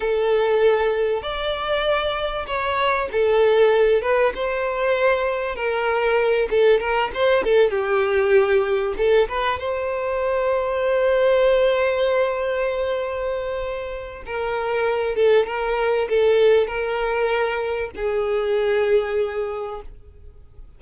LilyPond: \new Staff \with { instrumentName = "violin" } { \time 4/4 \tempo 4 = 97 a'2 d''2 | cis''4 a'4. b'8 c''4~ | c''4 ais'4. a'8 ais'8 c''8 | a'8 g'2 a'8 b'8 c''8~ |
c''1~ | c''2. ais'4~ | ais'8 a'8 ais'4 a'4 ais'4~ | ais'4 gis'2. | }